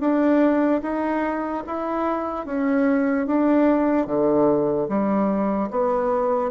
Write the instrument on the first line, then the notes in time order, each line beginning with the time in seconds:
bassoon
0.00 D4
0.82 D#4
1.67 E4
2.45 C#4
3.26 D4
4.07 D3
4.88 G3
5.71 B3